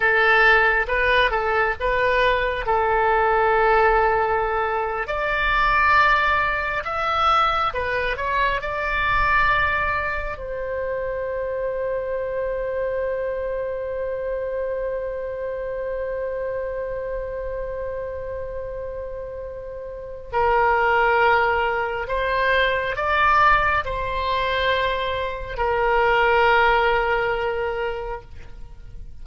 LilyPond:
\new Staff \with { instrumentName = "oboe" } { \time 4/4 \tempo 4 = 68 a'4 b'8 a'8 b'4 a'4~ | a'4.~ a'16 d''2 e''16~ | e''8. b'8 cis''8 d''2 c''16~ | c''1~ |
c''1~ | c''2. ais'4~ | ais'4 c''4 d''4 c''4~ | c''4 ais'2. | }